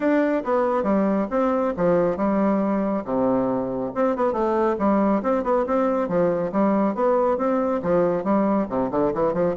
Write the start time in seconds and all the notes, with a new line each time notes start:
0.00 D4
0.44 B3
0.83 G3
1.30 C4
1.76 F3
2.16 G3
3.04 C3
3.94 C4
4.16 B3
4.32 A3
4.78 G3
5.22 C4
5.43 B3
5.66 C4
6.08 F3
6.51 G3
6.95 B3
7.37 C4
7.82 F3
8.24 G3
8.69 C3
8.91 D3
9.14 E3
9.33 F3